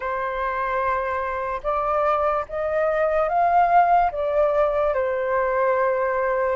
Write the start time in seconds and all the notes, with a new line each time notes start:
0.00 C5
1.63 D5
2.48 D#5
3.28 F5
4.11 D5
4.94 C5